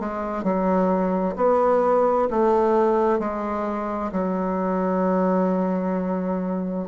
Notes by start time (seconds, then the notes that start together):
0.00 G#3
0.44 F#3
1.36 B3
2.31 A3
3.19 G#3
4.12 F#3